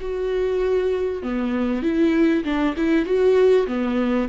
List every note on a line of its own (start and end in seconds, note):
0.00 1.22 F#4
1.22 1.83 B3
1.83 2.44 E4
2.44 2.75 D4
2.77 3.05 E4
3.05 3.67 F#4
3.67 4.28 B3